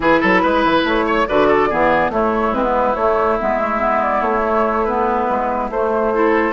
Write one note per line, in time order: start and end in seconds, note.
0.00 0.21 E3
0.00 1.27 E4
0.00 0.20 G#4
0.00 0.86 B4
0.20 0.43 F#3
0.20 0.41 A4
0.42 0.64 G#3
0.42 1.05 B4
0.64 0.83 E3
0.83 1.26 A3
0.83 1.26 C#5
1.06 1.27 C#5
1.26 1.72 D3
1.26 1.70 F#4
1.26 1.47 B4
1.26 2.11 D5
1.47 1.68 A4
1.69 2.09 E3
1.69 2.12 B3
1.69 2.11 G#4
2.09 2.51 A3
2.09 2.54 A3
2.09 6.13 E4
2.09 2.54 C#5
2.51 2.93 G#3
2.51 2.63 C4
2.51 2.95 B4
2.63 2.95 B3
2.95 3.38 A3
2.95 3.40 A3
2.95 3.37 C#5
3.39 4.21 G#3
3.39 3.59 B3
3.39 4.02 E5
3.59 3.79 A3
3.79 4.42 B3
4.02 4.21 D5
4.21 5.27 A3
4.21 4.84 C#5
4.43 4.85 A3
4.84 5.72 B3
4.84 5.69 B4
5.29 5.69 G#3
5.69 6.52 A3
5.69 6.14 A3
5.69 6.52 C5
6.13 6.52 E4
6.13 6.52 A4